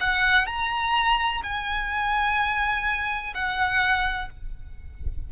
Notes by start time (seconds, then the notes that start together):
0.00 F#5
0.46 A#5
1.43 G#5
3.34 F#5